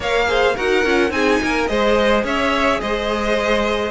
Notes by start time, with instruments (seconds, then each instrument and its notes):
0.00 cello A#3, viola A#4, violin C#5 F5
0.26 viola G#4, violin C5
0.55 cello D#4, viola F#4, violin A#4 F#5
0.85 cello C#4, viola F4
1.10 cello C4, viola D#4, violin G#4 G#5
1.42 cello A#3, violin A#4
1.67 cello G#3, viola G#4, violin C5 D#5
2.24 cello C#4, violin C#5 E5
2.80 cello G#3, violin C5 D#5